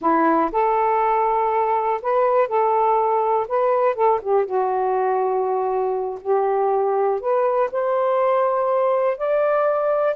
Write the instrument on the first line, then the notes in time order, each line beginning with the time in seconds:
saxophone
0.01 E4
0.52 A4
2.02 B4
2.47 A4
3.48 B4
3.95 A4
4.21 G4
4.45 F#4
6.21 G4
7.20 B4
7.71 C5
9.17 D5